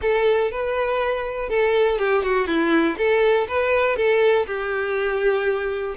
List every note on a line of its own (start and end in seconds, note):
0.01 0.51 A4
0.51 1.49 B4
1.49 1.98 A4
1.98 2.22 G4
2.22 2.47 F#4
2.47 2.96 E4
2.97 3.47 A4
3.48 3.96 B4
3.96 4.46 A4
4.46 5.95 G4